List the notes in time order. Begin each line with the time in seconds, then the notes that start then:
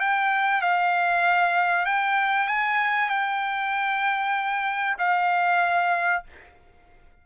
0.00 G5
0.62 F5
1.86 G5
2.47 G#5
3.09 G5
4.98 F5